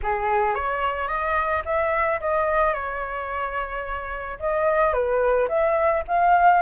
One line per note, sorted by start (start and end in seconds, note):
0.02 0.55 G#4
0.55 1.07 C#5
1.07 1.62 D#5
1.65 2.20 E5
2.20 2.73 D#5
2.73 4.38 C#5
4.39 4.93 D#5
4.93 5.48 B4
5.48 6.03 E5
6.07 6.62 F5